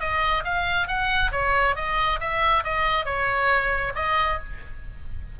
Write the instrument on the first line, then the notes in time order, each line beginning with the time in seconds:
oboe
0.00 D#5
0.44 F5
0.88 F#5
1.32 C#5
1.76 D#5
2.20 E5
2.64 D#5
3.05 C#5
3.95 D#5